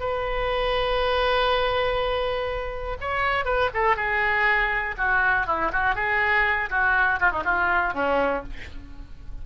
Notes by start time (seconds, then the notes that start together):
0.00 B4
3.01 C#5
3.45 B4
3.74 A4
3.96 G#4
4.97 F#4
5.47 E4
5.73 F#4
5.95 G#4
6.70 F#4
7.20 F4
7.31 D#4
7.44 F4
7.94 C#4